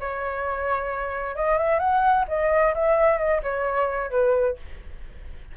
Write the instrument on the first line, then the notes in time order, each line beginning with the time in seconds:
flute
0.00 C#5
1.36 D#5
1.58 E5
1.79 F#5
2.28 D#5
2.75 E5
3.18 D#5
3.43 C#5
4.11 B4